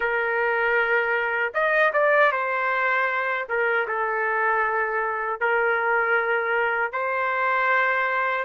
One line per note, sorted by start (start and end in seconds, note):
0.00 1.53 A#4
1.54 1.92 D#5
1.93 2.31 D5
2.32 3.47 C5
3.48 3.87 A#4
3.87 5.40 A4
5.40 6.92 A#4
6.92 8.44 C5